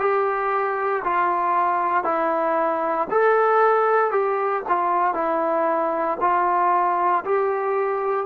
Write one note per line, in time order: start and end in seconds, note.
0.00 1.03 G4
1.04 2.05 F4
2.05 3.08 E4
3.11 4.11 A4
4.11 4.63 G4
4.69 5.14 F4
5.14 6.18 E4
6.21 7.25 F4
7.26 8.27 G4